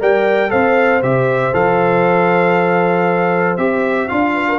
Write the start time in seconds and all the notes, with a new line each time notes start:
0.00 G3 A#4 D5 G5
0.49 C4 A4 C5 F5
1.02 C3 G4 E5
1.53 F3 A4 F5
3.57 C4 G4 E5
4.08 D4 F4 F5
4.33 B4
4.48 A#4